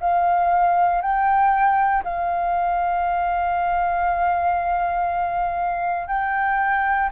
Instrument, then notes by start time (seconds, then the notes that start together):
flute
0.00 F5
1.02 G5
2.04 F5
6.08 G5